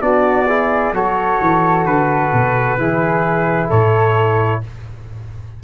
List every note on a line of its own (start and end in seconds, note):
0.00 0.92 B3
0.00 0.46 D4
0.00 0.47 F#4
0.00 0.93 D5
0.47 0.94 E4
0.47 0.93 G#4
0.92 1.38 F#3
0.92 2.78 F#4
0.92 2.78 A4
0.92 1.86 C#5
1.41 1.85 E3
1.85 2.31 D3
1.85 3.70 B4
2.32 2.77 B2
2.77 3.69 E3
2.77 4.63 E4
2.77 3.68 G#4
3.68 4.63 A2
3.68 4.60 A4
3.68 4.62 C#5